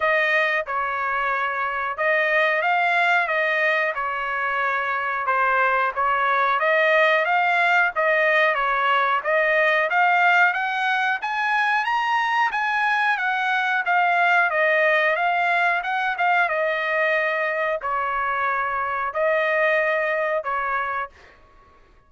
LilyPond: \new Staff \with { instrumentName = "trumpet" } { \time 4/4 \tempo 4 = 91 dis''4 cis''2 dis''4 | f''4 dis''4 cis''2 | c''4 cis''4 dis''4 f''4 | dis''4 cis''4 dis''4 f''4 |
fis''4 gis''4 ais''4 gis''4 | fis''4 f''4 dis''4 f''4 | fis''8 f''8 dis''2 cis''4~ | cis''4 dis''2 cis''4 | }